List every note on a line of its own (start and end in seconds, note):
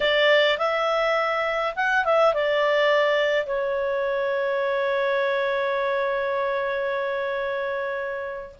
0.00 0.58 D5
0.58 1.74 E5
1.75 2.04 F#5
2.04 2.34 E5
2.34 3.46 D5
3.46 8.55 C#5